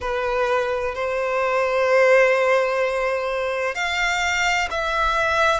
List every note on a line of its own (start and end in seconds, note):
0.00 0.94 B4
0.95 3.74 C5
3.74 4.68 F5
4.70 5.60 E5